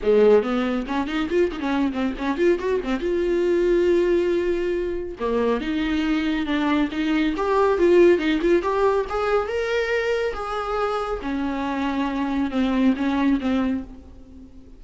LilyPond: \new Staff \with { instrumentName = "viola" } { \time 4/4 \tempo 4 = 139 gis4 b4 cis'8 dis'8 f'8 dis'16 cis'16~ | cis'8 c'8 cis'8 f'8 fis'8 c'8 f'4~ | f'1 | ais4 dis'2 d'4 |
dis'4 g'4 f'4 dis'8 f'8 | g'4 gis'4 ais'2 | gis'2 cis'2~ | cis'4 c'4 cis'4 c'4 | }